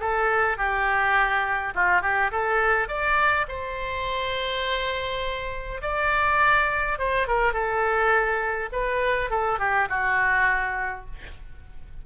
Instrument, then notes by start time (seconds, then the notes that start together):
oboe
0.00 A4
0.57 G4
1.75 F4
2.02 G4
2.31 A4
2.88 D5
3.48 C5
5.82 D5
6.99 C5
7.27 A#4
7.53 A4
8.72 B4
9.31 A4
9.59 G4
9.89 F#4